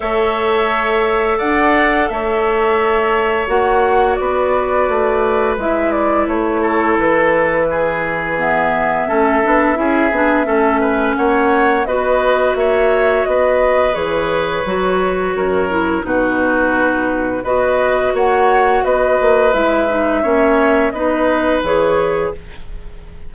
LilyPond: <<
  \new Staff \with { instrumentName = "flute" } { \time 4/4 \tempo 4 = 86 e''2 fis''4 e''4~ | e''4 fis''4 d''2 | e''8 d''8 cis''4 b'2 | e''1 |
fis''4 dis''4 e''4 dis''4 | cis''2. b'4~ | b'4 dis''4 fis''4 dis''4 | e''2 dis''4 cis''4 | }
  \new Staff \with { instrumentName = "oboe" } { \time 4/4 cis''2 d''4 cis''4~ | cis''2 b'2~ | b'4. a'4. gis'4~ | gis'4 a'4 gis'4 a'8 b'8 |
cis''4 b'4 cis''4 b'4~ | b'2 ais'4 fis'4~ | fis'4 b'4 cis''4 b'4~ | b'4 cis''4 b'2 | }
  \new Staff \with { instrumentName = "clarinet" } { \time 4/4 a'1~ | a'4 fis'2. | e'1 | b4 cis'8 d'8 e'8 d'8 cis'4~ |
cis'4 fis'2. | gis'4 fis'4. e'8 dis'4~ | dis'4 fis'2. | e'8 dis'8 cis'4 dis'4 gis'4 | }
  \new Staff \with { instrumentName = "bassoon" } { \time 4/4 a2 d'4 a4~ | a4 ais4 b4 a4 | gis4 a4 e2~ | e4 a8 b8 cis'8 b8 a4 |
ais4 b4 ais4 b4 | e4 fis4 fis,4 b,4~ | b,4 b4 ais4 b8 ais8 | gis4 ais4 b4 e4 | }
>>